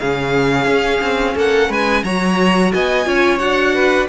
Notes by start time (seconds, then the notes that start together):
0.00 C#3 C#4 G#4 F5
0.66 C#4
1.01 C4
1.35 A#3 A4 F#5
1.69 G#3 B4 G#5
2.04 F#3 F#4 C#5 A#5
2.74 B3 D#5 G#5
3.05 C#4 F4 C#5
3.39 D4 F#4 F#5
3.75 B4